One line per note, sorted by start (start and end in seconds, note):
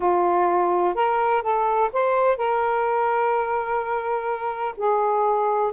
0.00 0.94 F4
0.94 1.42 A#4
1.42 1.90 A4
1.92 2.37 C5
2.37 4.75 A#4
4.77 5.72 G#4